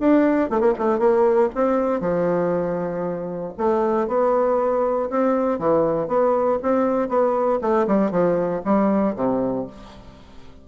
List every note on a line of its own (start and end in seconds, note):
0.00 0.50 D4
0.50 0.60 A3
0.60 0.73 A#3
0.78 0.99 A3
0.99 1.50 A#3
1.55 2.00 C4
2.00 3.53 F3
3.58 4.08 A3
4.08 5.09 B3
5.10 5.59 C4
5.59 6.08 E3
6.08 6.58 B3
6.62 7.09 C4
7.09 7.59 B3
7.61 7.87 A3
7.87 8.11 G3
8.11 8.62 F3
8.65 9.16 G3
9.16 9.67 C3